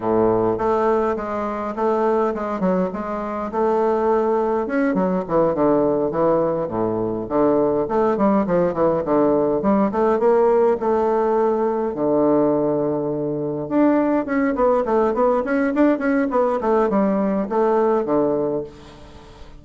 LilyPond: \new Staff \with { instrumentName = "bassoon" } { \time 4/4 \tempo 4 = 103 a,4 a4 gis4 a4 | gis8 fis8 gis4 a2 | cis'8 fis8 e8 d4 e4 a,8~ | a,8 d4 a8 g8 f8 e8 d8~ |
d8 g8 a8 ais4 a4.~ | a8 d2. d'8~ | d'8 cis'8 b8 a8 b8 cis'8 d'8 cis'8 | b8 a8 g4 a4 d4 | }